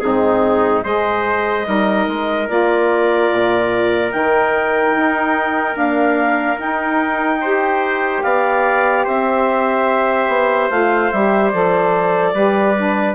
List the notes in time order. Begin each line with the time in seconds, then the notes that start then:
0.00 G#2 C4 D#4 G#4
0.84 G#3 G#4 C5 D#5
1.65 G3 D#4 A#4
2.08 G#3
2.47 A#3 F4 D5
3.33 A#2
4.11 D#3 D#4 G5
4.96 D#4
5.73 A#3 D4 F5
6.58 D#4 G5
7.41 G4 C5
8.23 B3 D5 F5
9.05 C4 C5 E5
10.29 B3
10.70 A3 F4 F5
11.12 G3 G4 E5
11.50 F3 A4 D5
12.34 G3 G4 B4
12.77 D4